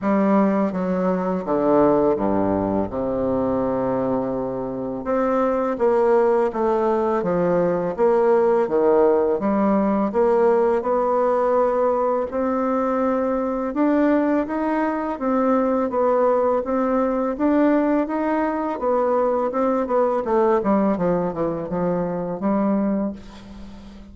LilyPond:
\new Staff \with { instrumentName = "bassoon" } { \time 4/4 \tempo 4 = 83 g4 fis4 d4 g,4 | c2. c'4 | ais4 a4 f4 ais4 | dis4 g4 ais4 b4~ |
b4 c'2 d'4 | dis'4 c'4 b4 c'4 | d'4 dis'4 b4 c'8 b8 | a8 g8 f8 e8 f4 g4 | }